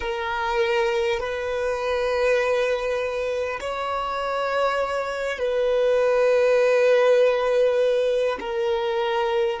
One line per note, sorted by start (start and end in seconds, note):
0.00 1.19 A#4
1.19 3.59 B4
3.60 5.38 C#5
5.38 8.38 B4
8.40 9.60 A#4